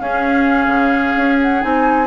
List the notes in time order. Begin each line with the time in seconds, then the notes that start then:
0.00 C#4 G#4 F5
0.67 C#3
1.17 C#4
1.42 F#5
1.61 C4 D#4 G#5